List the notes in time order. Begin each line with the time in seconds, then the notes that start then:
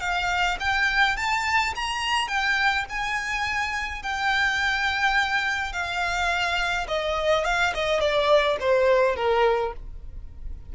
0.00 F5
0.60 G5
1.16 A5
1.75 A#5
2.28 G5
2.89 G#5
4.02 G5
5.72 F5
6.88 D#5
7.44 F5
7.74 D#5
8.00 D5
8.60 C5
9.16 A#4